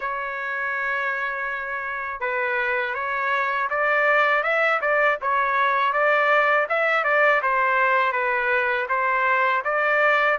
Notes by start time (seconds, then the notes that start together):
0.00 C#5
2.20 B4
2.94 C#5
3.69 D5
4.43 E5
4.81 D5
5.21 C#5
5.93 D5
6.69 E5
7.04 D5
7.42 C5
8.12 B4
8.89 C5
9.64 D5